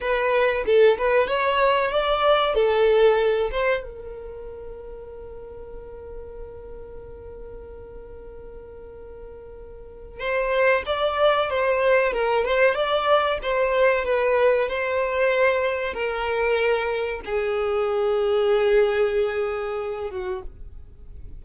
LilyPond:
\new Staff \with { instrumentName = "violin" } { \time 4/4 \tempo 4 = 94 b'4 a'8 b'8 cis''4 d''4 | a'4. c''8 ais'2~ | ais'1~ | ais'1 |
c''4 d''4 c''4 ais'8 c''8 | d''4 c''4 b'4 c''4~ | c''4 ais'2 gis'4~ | gis'2.~ gis'8 fis'8 | }